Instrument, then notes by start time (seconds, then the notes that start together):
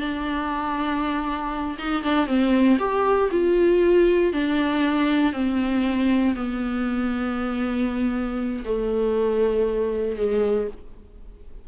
viola
0.00 D4
1.79 D#4
2.04 D4
2.27 C4
2.79 G4
3.32 F4
4.33 D4
5.33 C4
6.36 B3
8.65 A3
10.17 G#3